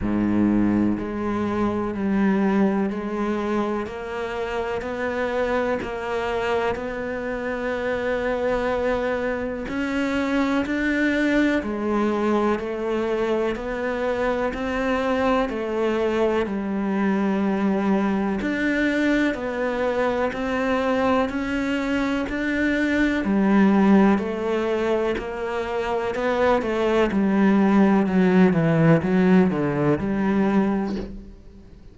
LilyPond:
\new Staff \with { instrumentName = "cello" } { \time 4/4 \tempo 4 = 62 gis,4 gis4 g4 gis4 | ais4 b4 ais4 b4~ | b2 cis'4 d'4 | gis4 a4 b4 c'4 |
a4 g2 d'4 | b4 c'4 cis'4 d'4 | g4 a4 ais4 b8 a8 | g4 fis8 e8 fis8 d8 g4 | }